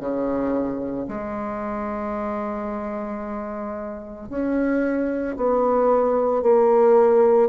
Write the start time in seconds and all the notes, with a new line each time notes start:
0.00 C#3
1.08 G#3
4.29 C#4
5.37 B3
6.42 A#3